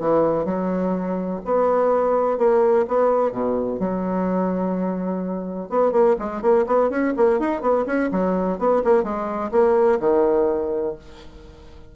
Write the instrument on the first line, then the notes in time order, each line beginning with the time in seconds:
bassoon
0.00 E3
0.45 F#3
1.45 B3
2.38 A#3
2.88 B3
3.32 B2
3.80 F#3
5.69 B3
5.92 A#3
6.19 G#3
6.42 A#3
6.67 B3
6.90 C#4
7.17 A#3
7.39 D#4
7.61 B3
7.86 C#4
8.12 F#3
8.59 B3
8.84 A#3
9.03 G#3
9.52 A#3
10.00 D#3